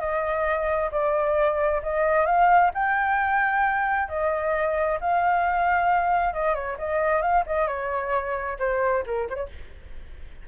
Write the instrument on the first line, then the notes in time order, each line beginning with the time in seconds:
flute
0.00 D#5
0.92 D5
1.83 D#5
2.26 F5
2.75 G5
4.09 D#5
5.01 F5
6.34 D#5
6.55 C#5
6.79 D#5
7.22 F5
7.47 D#5
7.68 C#5
8.59 C5
9.07 A#4
9.30 C5 C#5